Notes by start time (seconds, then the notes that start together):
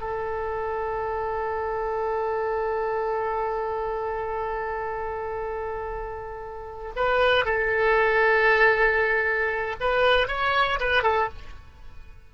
0.00 A4
6.96 B4
7.45 A4
9.80 B4
10.28 C#5
10.79 B4
11.03 A4